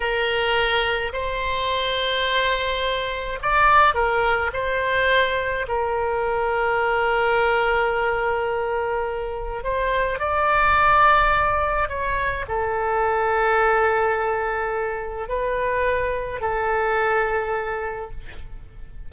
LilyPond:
\new Staff \with { instrumentName = "oboe" } { \time 4/4 \tempo 4 = 106 ais'2 c''2~ | c''2 d''4 ais'4 | c''2 ais'2~ | ais'1~ |
ais'4 c''4 d''2~ | d''4 cis''4 a'2~ | a'2. b'4~ | b'4 a'2. | }